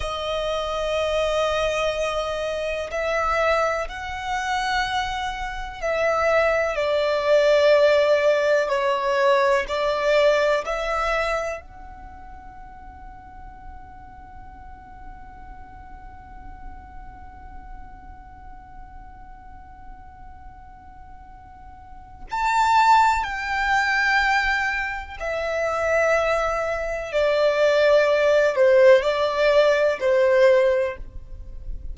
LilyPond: \new Staff \with { instrumentName = "violin" } { \time 4/4 \tempo 4 = 62 dis''2. e''4 | fis''2 e''4 d''4~ | d''4 cis''4 d''4 e''4 | fis''1~ |
fis''1~ | fis''2. a''4 | g''2 e''2 | d''4. c''8 d''4 c''4 | }